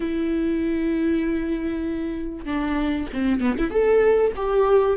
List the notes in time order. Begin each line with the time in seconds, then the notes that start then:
0.00 E4
2.45 D4
3.13 C4
3.40 B3
3.58 E4
3.70 A4
4.36 G4